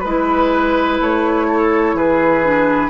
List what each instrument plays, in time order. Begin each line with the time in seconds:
0.00 bassoon G#3, clarinet E4, flute B4, oboe B4
1.00 bassoon A3, flute C#5
1.48 oboe A4
1.94 bassoon E3, oboe G#4, flute B4
2.43 clarinet D4